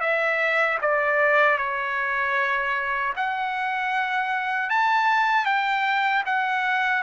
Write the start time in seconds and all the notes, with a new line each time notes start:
0.00 E5
0.81 D5
1.58 C#5
3.16 F#5
4.70 A5
5.45 G5
6.26 F#5